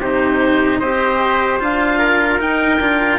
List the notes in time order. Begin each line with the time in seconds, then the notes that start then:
0.00 C3 D#4 G4 C5
0.80 C4 G4 C5 D#5
1.60 D4 F4 F5
1.99 A#4
2.40 D#4 G5
2.80 D4 F4